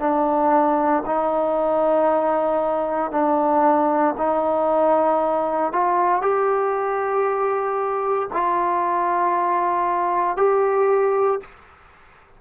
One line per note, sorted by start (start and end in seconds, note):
0.00 1.03 D4
1.06 3.12 D#4
3.12 4.15 D4
4.18 5.73 D#4
5.73 6.22 F4
6.22 8.29 G4
8.33 10.37 F4
10.37 11.41 G4